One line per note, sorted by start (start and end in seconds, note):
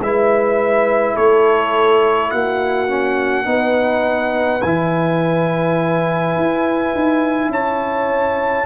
0.00 1.15 G#3
0.00 2.88 E4
0.00 1.15 B4
0.00 1.16 E5
1.15 2.32 A3
1.15 2.30 A4
1.15 2.31 C#5
2.31 3.46 A#3
2.31 3.46 F#4
2.31 4.62 F#5
2.88 3.45 C#4
3.45 4.62 B3
3.45 4.60 D#4
3.45 7.51 B4
4.62 6.37 E3
4.62 8.66 E4
4.62 7.50 G#5
6.37 6.94 E4
6.95 7.48 D#4
7.48 8.64 C#4
7.48 8.66 C#5
7.48 8.66 A5